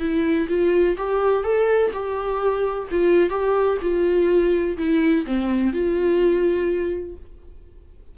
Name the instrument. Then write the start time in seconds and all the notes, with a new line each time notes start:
viola
0.00 E4
0.49 F4
0.98 G4
1.44 A4
1.93 G4
2.91 F4
3.30 G4
3.82 F4
4.78 E4
5.26 C4
5.73 F4